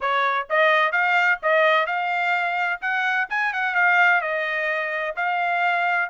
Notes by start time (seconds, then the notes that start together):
0.00 C#5
0.49 D#5
0.92 F5
1.42 D#5
1.86 F5
2.81 F#5
3.29 G#5
3.53 F#5
3.75 F5
4.21 D#5
5.15 F5